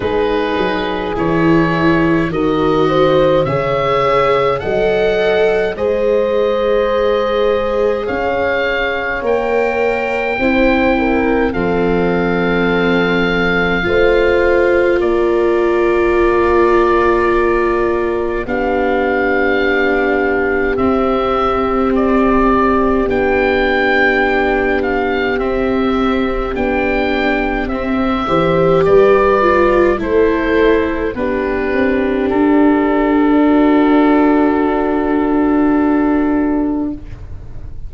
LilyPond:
<<
  \new Staff \with { instrumentName = "oboe" } { \time 4/4 \tempo 4 = 52 b'4 cis''4 dis''4 e''4 | fis''4 dis''2 f''4 | g''2 f''2~ | f''4 d''2. |
f''2 e''4 d''4 | g''4. f''8 e''4 g''4 | e''4 d''4 c''4 b'4 | a'1 | }
  \new Staff \with { instrumentName = "horn" } { \time 4/4 gis'2 ais'8 c''8 cis''4 | dis''4 c''2 cis''4~ | cis''4 c''8 ais'8 a'2 | c''4 ais'2. |
g'1~ | g'1~ | g'8 c''8 b'4 a'4 g'4~ | g'4 fis'2. | }
  \new Staff \with { instrumentName = "viola" } { \time 4/4 dis'4 e'4 fis'4 gis'4 | a'4 gis'2. | ais'4 e'4 c'2 | f'1 |
d'2 c'2 | d'2 c'4 d'4 | c'8 g'4 f'8 e'4 d'4~ | d'1 | }
  \new Staff \with { instrumentName = "tuba" } { \time 4/4 gis8 fis8 e4 dis4 cis4 | fis4 gis2 cis'4 | ais4 c'4 f2 | a4 ais2. |
b2 c'2 | b2 c'4 b4 | c'8 e8 g4 a4 b8 c'8 | d'1 | }
>>